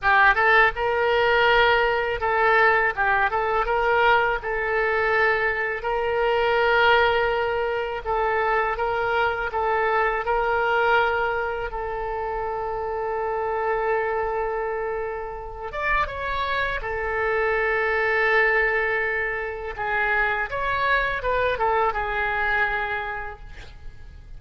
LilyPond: \new Staff \with { instrumentName = "oboe" } { \time 4/4 \tempo 4 = 82 g'8 a'8 ais'2 a'4 | g'8 a'8 ais'4 a'2 | ais'2. a'4 | ais'4 a'4 ais'2 |
a'1~ | a'4. d''8 cis''4 a'4~ | a'2. gis'4 | cis''4 b'8 a'8 gis'2 | }